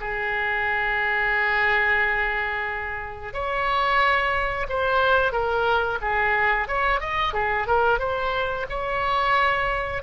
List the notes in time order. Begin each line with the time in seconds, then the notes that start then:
0.00 G#4
3.33 C#5
4.69 C5
5.32 A#4
6.01 G#4
6.68 C#5
7.00 D#5
7.33 G#4
7.67 A#4
7.99 C5
8.69 C#5